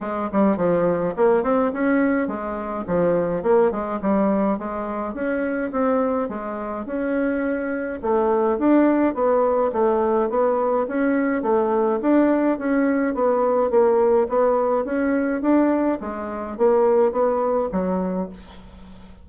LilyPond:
\new Staff \with { instrumentName = "bassoon" } { \time 4/4 \tempo 4 = 105 gis8 g8 f4 ais8 c'8 cis'4 | gis4 f4 ais8 gis8 g4 | gis4 cis'4 c'4 gis4 | cis'2 a4 d'4 |
b4 a4 b4 cis'4 | a4 d'4 cis'4 b4 | ais4 b4 cis'4 d'4 | gis4 ais4 b4 fis4 | }